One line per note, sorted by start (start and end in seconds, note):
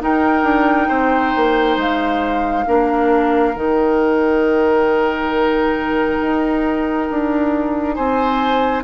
0.00 2.65 D#4
0.00 0.43 D#4
0.00 0.88 A#4
0.00 1.80 G5
0.43 0.87 D4
0.88 1.34 C4
0.88 2.64 C5
1.36 1.77 A#3
1.77 2.65 G#3
1.77 3.56 F5
2.65 3.55 A#3
2.65 3.54 D4
2.65 7.95 A#4
3.55 6.20 D#3
3.55 8.84 D#4
3.55 7.93 G5
6.21 7.09 D#4
7.10 7.97 D4
7.93 8.84 C4
7.93 8.83 C5
7.93 8.82 G#5